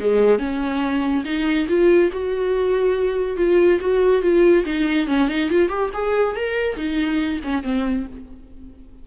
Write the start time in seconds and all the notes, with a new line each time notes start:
0.00 G#3
0.39 C#4
1.25 D#4
1.68 F4
2.12 F#4
3.37 F4
3.80 F#4
4.22 F4
4.66 D#4
5.07 C#4
5.29 D#4
5.50 F4
5.69 G4
5.94 G#4
6.36 A#4
6.77 D#4
7.44 C#4
7.63 C4